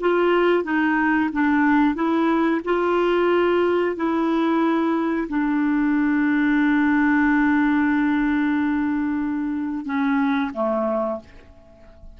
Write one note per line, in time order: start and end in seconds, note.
0.00 0.64 F4
0.64 1.29 D#4
1.32 1.95 D4
1.95 2.61 E4
2.64 3.96 F4
3.96 5.28 E4
5.28 9.85 D4
9.85 10.51 C#4
10.54 11.20 A3